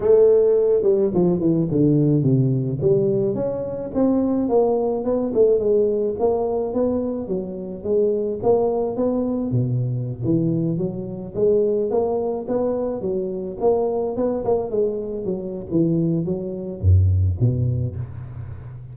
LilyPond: \new Staff \with { instrumentName = "tuba" } { \time 4/4 \tempo 4 = 107 a4. g8 f8 e8 d4 | c4 g4 cis'4 c'4 | ais4 b8 a8 gis4 ais4 | b4 fis4 gis4 ais4 |
b4 b,4~ b,16 e4 fis8.~ | fis16 gis4 ais4 b4 fis8.~ | fis16 ais4 b8 ais8 gis4 fis8. | e4 fis4 fis,4 b,4 | }